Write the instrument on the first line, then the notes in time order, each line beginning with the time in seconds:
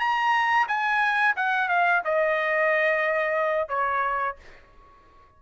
trumpet
0.00 A#5
0.68 G#5
1.36 F#5
1.69 F5
2.05 D#5
3.69 C#5